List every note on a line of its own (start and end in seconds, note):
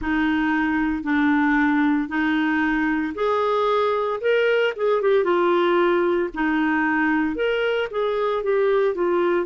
0.01 1.03 D#4
1.03 2.08 D4
2.08 3.13 D#4
3.14 4.20 G#4
4.21 4.73 A#4
4.76 5.01 G#4
5.01 5.23 G4
5.23 6.29 F4
6.33 7.35 D#4
7.35 7.88 A#4
7.90 8.43 G#4
8.43 8.94 G4
8.94 9.45 F4